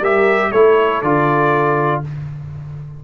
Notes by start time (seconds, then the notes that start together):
0.00 G3 G4 A#4 E5
0.50 A3 E4 A4 C#5
1.02 D3 F4 D5